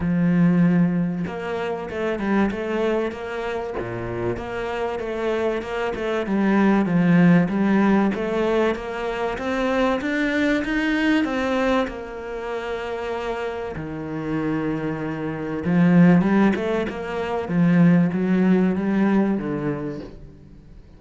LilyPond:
\new Staff \with { instrumentName = "cello" } { \time 4/4 \tempo 4 = 96 f2 ais4 a8 g8 | a4 ais4 ais,4 ais4 | a4 ais8 a8 g4 f4 | g4 a4 ais4 c'4 |
d'4 dis'4 c'4 ais4~ | ais2 dis2~ | dis4 f4 g8 a8 ais4 | f4 fis4 g4 d4 | }